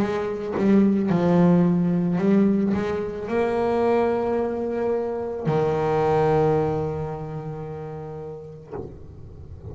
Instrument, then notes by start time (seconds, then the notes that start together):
double bass
0.00 G#3
0.57 G3
1.11 F3
2.19 G3
2.74 G#3
3.29 A#3
5.46 D#3